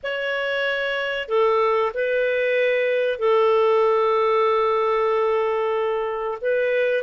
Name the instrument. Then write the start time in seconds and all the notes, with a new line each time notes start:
clarinet
0.03 C#5
1.28 A4
1.94 B4
3.18 A4
6.41 B4